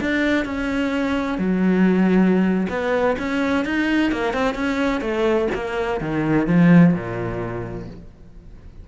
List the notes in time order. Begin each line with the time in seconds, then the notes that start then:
0.00 D4
0.45 C#4
1.38 F#3
2.69 B3
3.18 C#4
3.65 D#4
4.11 A#3
4.33 C4
4.54 C#4
5.01 A3
5.54 A#3
6.00 D#3
6.47 F3
6.94 A#2